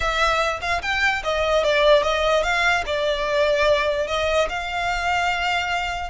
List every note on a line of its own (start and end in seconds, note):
0.00 0.60 E5
0.61 0.81 F5
0.82 1.22 G5
1.23 1.63 D#5
1.63 2.02 D5
2.02 2.43 D#5
2.43 2.83 F5
2.86 4.07 D5
4.07 4.48 D#5
4.49 6.10 F5